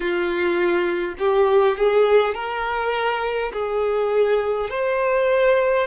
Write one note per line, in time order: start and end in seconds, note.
0.00 1.14 F4
1.18 1.76 G4
1.76 2.34 G#4
2.34 3.52 A#4
3.52 4.70 G#4
4.70 5.87 C5